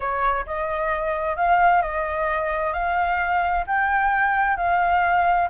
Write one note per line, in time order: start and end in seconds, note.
0.00 0.45 C#5
0.46 1.36 D#5
1.36 1.82 F5
1.82 2.73 D#5
2.73 3.64 F5
3.66 4.57 G5
4.57 5.48 F5